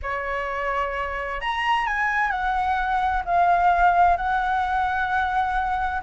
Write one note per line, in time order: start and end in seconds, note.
0.02 1.40 C#5
1.41 1.86 A#5
1.86 2.31 G#5
2.31 3.23 F#5
3.25 4.16 F5
4.16 6.01 F#5